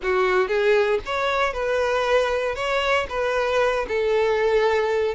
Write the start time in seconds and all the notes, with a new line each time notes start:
0.02 F#4
0.48 G#4
1.05 C#5
1.53 B4
2.55 C#5
3.09 B4
3.87 A4